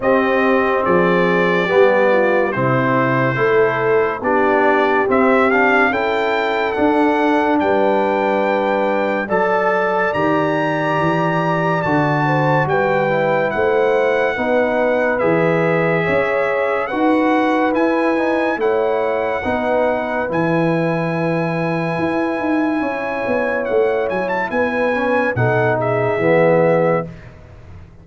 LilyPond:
<<
  \new Staff \with { instrumentName = "trumpet" } { \time 4/4 \tempo 4 = 71 dis''4 d''2 c''4~ | c''4 d''4 e''8 f''8 g''4 | fis''4 g''2 a''4 | ais''2 a''4 g''4 |
fis''2 e''2 | fis''4 gis''4 fis''2 | gis''1 | fis''8 gis''16 a''16 gis''4 fis''8 e''4. | }
  \new Staff \with { instrumentName = "horn" } { \time 4/4 g'4 gis'4 g'8 f'8 e'4 | a'4 g'2 a'4~ | a'4 b'2 d''4~ | d''2~ d''8 c''8 b'4 |
c''4 b'2 cis''4 | b'2 cis''4 b'4~ | b'2. cis''4~ | cis''4 b'4 a'8 gis'4. | }
  \new Staff \with { instrumentName = "trombone" } { \time 4/4 c'2 b4 c'4 | e'4 d'4 c'8 d'8 e'4 | d'2. a'4 | g'2 fis'4. e'8~ |
e'4 dis'4 gis'2 | fis'4 e'8 dis'8 e'4 dis'4 | e'1~ | e'4. cis'8 dis'4 b4 | }
  \new Staff \with { instrumentName = "tuba" } { \time 4/4 c'4 f4 g4 c4 | a4 b4 c'4 cis'4 | d'4 g2 fis4 | dis4 e4 d4 g4 |
a4 b4 e4 cis'4 | dis'4 e'4 a4 b4 | e2 e'8 dis'8 cis'8 b8 | a8 fis8 b4 b,4 e4 | }
>>